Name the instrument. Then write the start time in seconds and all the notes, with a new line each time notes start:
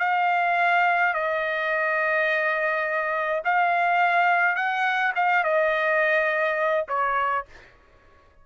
trumpet
0.00 F5
1.14 D#5
3.45 F5
4.56 F#5
5.16 F5
5.44 D#5
6.89 C#5